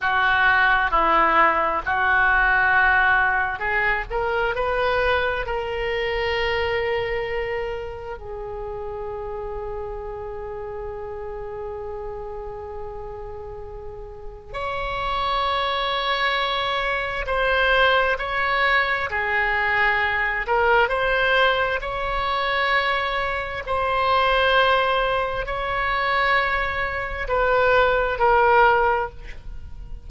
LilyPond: \new Staff \with { instrumentName = "oboe" } { \time 4/4 \tempo 4 = 66 fis'4 e'4 fis'2 | gis'8 ais'8 b'4 ais'2~ | ais'4 gis'2.~ | gis'1 |
cis''2. c''4 | cis''4 gis'4. ais'8 c''4 | cis''2 c''2 | cis''2 b'4 ais'4 | }